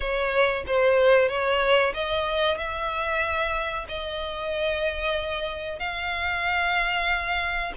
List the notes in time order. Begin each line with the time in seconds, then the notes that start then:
0.00 C#5
0.66 C5
1.28 C#5
1.94 D#5
2.57 E5
3.88 D#5
5.79 F5